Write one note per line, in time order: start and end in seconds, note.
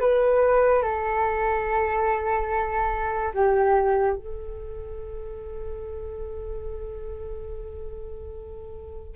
0.00 0.83 B4
0.83 3.33 A4
3.34 4.16 G4
4.16 9.16 A4